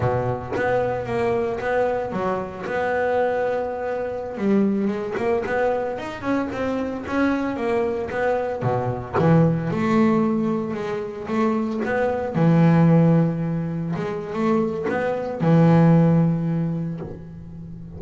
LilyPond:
\new Staff \with { instrumentName = "double bass" } { \time 4/4 \tempo 4 = 113 b,4 b4 ais4 b4 | fis4 b2.~ | b16 g4 gis8 ais8 b4 dis'8 cis'16~ | cis'16 c'4 cis'4 ais4 b8.~ |
b16 b,4 e4 a4.~ a16~ | a16 gis4 a4 b4 e8.~ | e2~ e16 gis8. a4 | b4 e2. | }